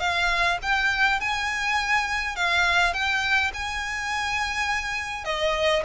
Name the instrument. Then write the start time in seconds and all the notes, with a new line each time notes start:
violin
0.00 F5
0.62 G5
1.20 G#5
2.36 F5
2.93 G5
3.54 G#5
5.25 D#5